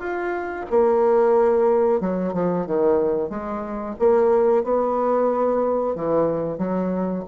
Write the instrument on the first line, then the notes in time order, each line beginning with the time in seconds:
bassoon
0.00 F4
0.70 A#3
2.00 F#3
2.33 F3
2.67 D#3
3.30 G#3
4.00 A#3
4.64 B3
5.96 E3
6.58 F#3